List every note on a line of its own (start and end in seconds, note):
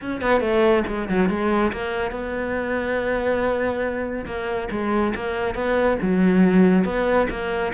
0.01 0.21 C#4
0.21 0.41 B3
0.41 0.83 A3
0.87 1.08 G#3
1.09 1.29 F#3
1.29 1.72 G#3
1.72 2.11 A#3
2.11 4.25 B3
4.25 4.68 A#3
4.71 5.14 G#3
5.15 5.54 A#3
5.54 5.97 B3
6.02 6.84 F#3
6.84 7.27 B3
7.29 7.72 A#3